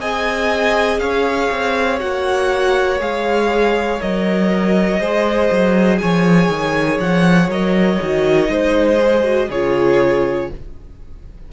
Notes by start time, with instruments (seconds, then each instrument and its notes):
0.00 cello C4, viola G#4, violin D#5 G#5
0.99 cello C#4, violin C#5 F5
1.51 cello C4
1.99 cello A#3, viola F#4, violin F#5
2.99 cello G#3, viola G#4, violin F5
4.00 cello F#3, viola A#4, violin D#5
4.99 cello G#3, viola G#4, violin C5
5.51 cello F#3
5.98 cello F3, violin C#5 G#5
6.49 cello D#3
7.00 cello F3, violin F#5
7.48 cello F#3, viola A#4, violin D#5
8.01 cello D#3, viola F#4
8.46 cello G#3, viola D#4, violin C5
9.01 viola G#4
9.23 viola F#4
9.48 cello C#3, viola F4, violin G#4 C#5